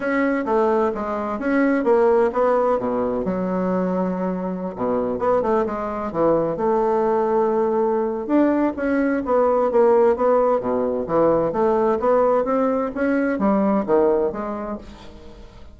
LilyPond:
\new Staff \with { instrumentName = "bassoon" } { \time 4/4 \tempo 4 = 130 cis'4 a4 gis4 cis'4 | ais4 b4 b,4 fis4~ | fis2~ fis16 b,4 b8 a16~ | a16 gis4 e4 a4.~ a16~ |
a2 d'4 cis'4 | b4 ais4 b4 b,4 | e4 a4 b4 c'4 | cis'4 g4 dis4 gis4 | }